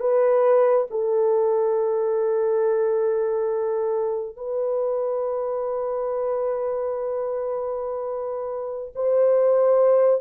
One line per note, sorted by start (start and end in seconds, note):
0.00 0.87 B4
0.91 4.36 A4
4.36 8.93 B4
8.95 10.21 C5